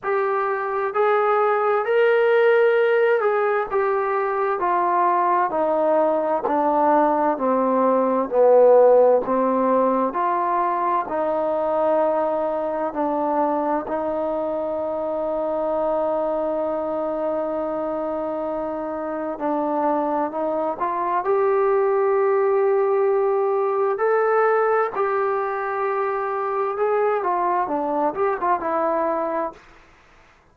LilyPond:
\new Staff \with { instrumentName = "trombone" } { \time 4/4 \tempo 4 = 65 g'4 gis'4 ais'4. gis'8 | g'4 f'4 dis'4 d'4 | c'4 b4 c'4 f'4 | dis'2 d'4 dis'4~ |
dis'1~ | dis'4 d'4 dis'8 f'8 g'4~ | g'2 a'4 g'4~ | g'4 gis'8 f'8 d'8 g'16 f'16 e'4 | }